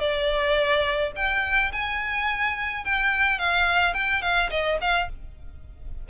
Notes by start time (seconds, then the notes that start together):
0.00 D5
1.16 G5
1.72 G#5
2.85 G5
3.38 F5
3.94 G5
4.22 F5
4.50 D#5
4.81 F5